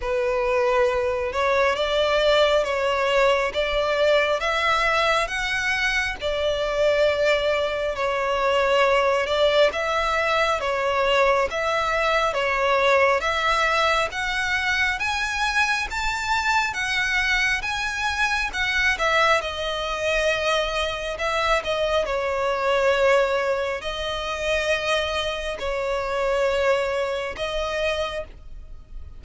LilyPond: \new Staff \with { instrumentName = "violin" } { \time 4/4 \tempo 4 = 68 b'4. cis''8 d''4 cis''4 | d''4 e''4 fis''4 d''4~ | d''4 cis''4. d''8 e''4 | cis''4 e''4 cis''4 e''4 |
fis''4 gis''4 a''4 fis''4 | gis''4 fis''8 e''8 dis''2 | e''8 dis''8 cis''2 dis''4~ | dis''4 cis''2 dis''4 | }